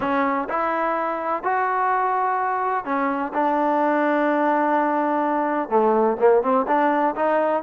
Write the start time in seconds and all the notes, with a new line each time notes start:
0.00 C#4
0.49 E4
1.43 F#4
2.84 C#4
3.33 D4
5.69 A3
6.19 A#3
6.42 C4
6.67 D4
7.15 D#4